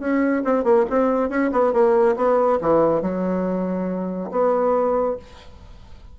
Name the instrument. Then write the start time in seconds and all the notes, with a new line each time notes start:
bassoon
0.00 C#4
0.45 C4
0.64 A#3
0.90 C4
1.30 C#4
1.52 B3
1.73 A#3
2.17 B3
2.61 E3
3.02 F#3
4.31 B3